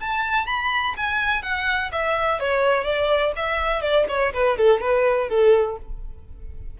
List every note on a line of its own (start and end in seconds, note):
0.00 0.46 A5
0.46 0.95 B5
0.97 1.43 G#5
1.43 1.91 F#5
1.92 2.40 E5
2.40 2.84 C#5
2.84 3.32 D5
3.36 3.81 E5
3.81 4.06 D5
4.08 4.33 C#5
4.33 4.57 B4
4.57 4.81 A4
4.81 5.29 B4
5.29 5.78 A4